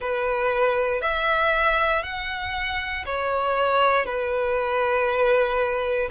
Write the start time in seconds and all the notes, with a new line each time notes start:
0.00 B4
1.01 E5
2.03 F#5
3.05 C#5
4.05 B4